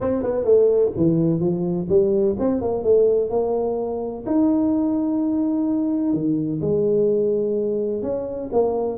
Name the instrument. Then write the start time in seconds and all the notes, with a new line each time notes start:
tuba
0.00 C4
0.22 B3
0.44 A3
0.96 E3
1.40 F3
1.88 G3
2.39 C4
2.61 A#3
2.83 A3
3.30 A#3
4.26 D#4
6.13 D#3
6.61 G#3
8.02 C#4
8.52 A#3